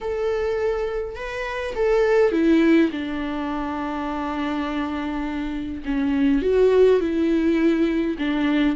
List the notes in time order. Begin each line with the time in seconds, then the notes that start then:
0.01 A4
1.15 B4
1.75 A4
2.32 E4
2.91 D4
5.85 C#4
6.42 F#4
7.00 E4
8.18 D4